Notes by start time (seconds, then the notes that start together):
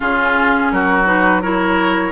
0.00 C#3 C#4 F4 G#4
0.71 F#3 F#4 A#4
1.05 D#4 B4
1.42 E4 A#4 C#5